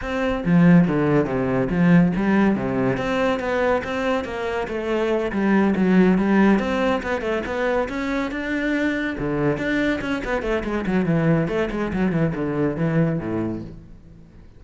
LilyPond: \new Staff \with { instrumentName = "cello" } { \time 4/4 \tempo 4 = 141 c'4 f4 d4 c4 | f4 g4 c4 c'4 | b4 c'4 ais4 a4~ | a8 g4 fis4 g4 c'8~ |
c'8 b8 a8 b4 cis'4 d'8~ | d'4. d4 d'4 cis'8 | b8 a8 gis8 fis8 e4 a8 gis8 | fis8 e8 d4 e4 a,4 | }